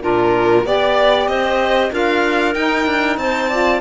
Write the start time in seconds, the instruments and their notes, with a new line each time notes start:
0.00 cello A#2, saxophone D4, clarinet F4, violin A#4
0.64 cello B3, saxophone G4, clarinet D5, violin D5
1.27 cello C4, clarinet C5, violin D#5
1.90 cello D4, saxophone F4, clarinet A#4, violin F5
2.54 cello D#4, saxophone D#4, violin G5
2.86 cello D4
3.17 cello C4, clarinet C5, violin A5
3.49 saxophone F4, clarinet D5